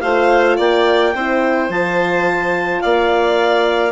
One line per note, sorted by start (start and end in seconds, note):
0.00 0.59 A3
0.00 1.14 F4
0.00 0.57 C5
0.00 0.56 F5
0.57 1.14 A#3
0.57 1.13 D5
0.57 1.71 G5
1.14 1.69 C4
1.14 1.70 E4
1.14 2.82 C5
1.69 2.81 F3
1.69 3.92 F4
1.69 2.81 A5
2.81 3.92 A#3
2.81 3.92 D5
2.81 3.92 F5